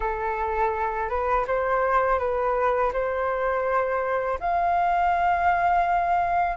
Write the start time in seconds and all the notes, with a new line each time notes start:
0.00 A4
1.09 B4
1.47 C5
2.19 B4
2.92 C5
4.40 F5